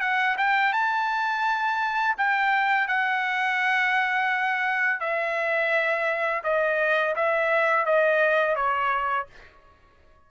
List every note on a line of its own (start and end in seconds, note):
0.00 0.36 F#5
0.37 0.73 G5
0.73 2.16 A5
2.17 2.87 G5
2.87 5.00 F#5
5.00 6.43 E5
6.44 7.15 D#5
7.16 7.85 E5
7.85 8.55 D#5
8.55 9.27 C#5